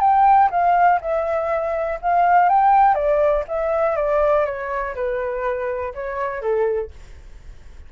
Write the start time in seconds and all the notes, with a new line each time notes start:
0.00 G5
0.50 F5
1.01 E5
2.01 F5
2.49 G5
2.94 D5
3.48 E5
3.96 D5
4.45 C#5
4.95 B4
5.94 C#5
6.41 A4